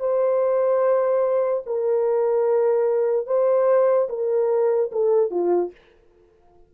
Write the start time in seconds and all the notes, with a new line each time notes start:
0.00 C5
1.66 A#4
3.27 C5
4.09 A#4
4.92 A4
5.31 F4